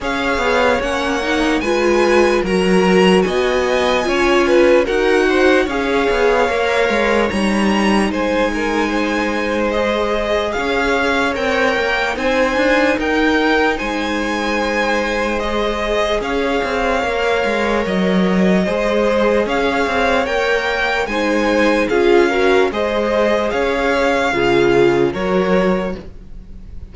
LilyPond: <<
  \new Staff \with { instrumentName = "violin" } { \time 4/4 \tempo 4 = 74 f''4 fis''4 gis''4 ais''4 | gis''2 fis''4 f''4~ | f''4 ais''4 gis''2 | dis''4 f''4 g''4 gis''4 |
g''4 gis''2 dis''4 | f''2 dis''2 | f''4 g''4 gis''4 f''4 | dis''4 f''2 cis''4 | }
  \new Staff \with { instrumentName = "violin" } { \time 4/4 cis''2 b'4 ais'4 | dis''4 cis''8 b'8 ais'8 c''8 cis''4~ | cis''2 c''8 ais'8 c''4~ | c''4 cis''2 c''4 |
ais'4 c''2. | cis''2. c''4 | cis''2 c''4 gis'8 ais'8 | c''4 cis''4 gis'4 ais'4 | }
  \new Staff \with { instrumentName = "viola" } { \time 4/4 gis'4 cis'8 dis'8 f'4 fis'4~ | fis'4 f'4 fis'4 gis'4 | ais'4 dis'2. | gis'2 ais'4 dis'4~ |
dis'2. gis'4~ | gis'4 ais'2 gis'4~ | gis'4 ais'4 dis'4 f'8 fis'8 | gis'2 f'4 fis'4 | }
  \new Staff \with { instrumentName = "cello" } { \time 4/4 cis'8 b8 ais4 gis4 fis4 | b4 cis'4 dis'4 cis'8 b8 | ais8 gis8 g4 gis2~ | gis4 cis'4 c'8 ais8 c'8 d'8 |
dis'4 gis2. | cis'8 c'8 ais8 gis8 fis4 gis4 | cis'8 c'8 ais4 gis4 cis'4 | gis4 cis'4 cis4 fis4 | }
>>